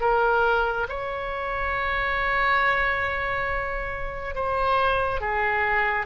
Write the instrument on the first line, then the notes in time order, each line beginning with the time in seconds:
oboe
0.00 A#4
0.89 C#5
4.35 C5
5.21 G#4